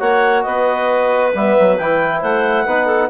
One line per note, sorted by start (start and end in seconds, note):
0.00 0.45 A#3
0.00 1.33 F#4
0.00 0.45 C#5
0.00 0.43 F#5
0.43 1.34 B3
0.43 2.21 B4
0.43 1.32 D#5
1.34 1.57 G3
1.34 1.78 B3
1.34 1.78 E5
1.60 1.80 F#3
1.78 2.23 E3
1.78 2.68 E4
1.78 2.22 G5
2.21 2.66 A3
2.21 2.65 C5
2.21 3.11 F#5
2.66 3.10 B3
2.66 3.11 D#4
2.66 2.86 B4
2.86 3.09 A4